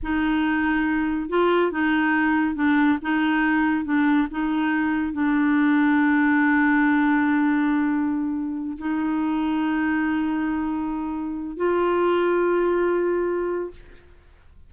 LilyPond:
\new Staff \with { instrumentName = "clarinet" } { \time 4/4 \tempo 4 = 140 dis'2. f'4 | dis'2 d'4 dis'4~ | dis'4 d'4 dis'2 | d'1~ |
d'1~ | d'8 dis'2.~ dis'8~ | dis'2. f'4~ | f'1 | }